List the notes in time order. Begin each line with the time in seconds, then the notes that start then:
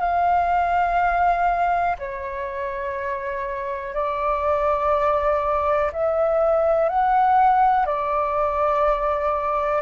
0.00 F5
1.99 C#5
3.94 D5
5.93 E5
6.89 F#5
7.86 D5